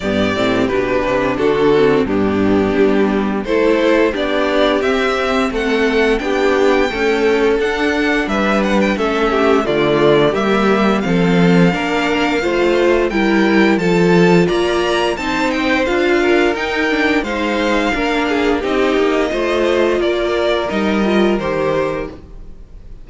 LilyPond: <<
  \new Staff \with { instrumentName = "violin" } { \time 4/4 \tempo 4 = 87 d''4 b'4 a'4 g'4~ | g'4 c''4 d''4 e''4 | fis''4 g''2 fis''4 | e''8 fis''16 g''16 e''4 d''4 e''4 |
f''2. g''4 | a''4 ais''4 a''8 g''8 f''4 | g''4 f''2 dis''4~ | dis''4 d''4 dis''4 c''4 | }
  \new Staff \with { instrumentName = "violin" } { \time 4/4 g'2 fis'4 d'4~ | d'4 a'4 g'2 | a'4 g'4 a'2 | b'4 a'8 g'8 f'4 g'4 |
a'4 ais'4 c''4 ais'4 | a'4 d''4 c''4. ais'8~ | ais'4 c''4 ais'8 gis'8 g'4 | c''4 ais'2. | }
  \new Staff \with { instrumentName = "viola" } { \time 4/4 b8 c'8 d'4. c'8 b4~ | b4 e'4 d'4 c'4~ | c'4 d'4 a4 d'4~ | d'4 cis'4 a4 ais4 |
c'4 d'4 f'4 e'4 | f'2 dis'4 f'4 | dis'8 d'8 dis'4 d'4 dis'4 | f'2 dis'8 f'8 g'4 | }
  \new Staff \with { instrumentName = "cello" } { \time 4/4 g,8 a,8 b,8 c8 d4 g,4 | g4 a4 b4 c'4 | a4 b4 cis'4 d'4 | g4 a4 d4 g4 |
f4 ais4 a4 g4 | f4 ais4 c'4 d'4 | dis'4 gis4 ais4 c'8 ais8 | a4 ais4 g4 dis4 | }
>>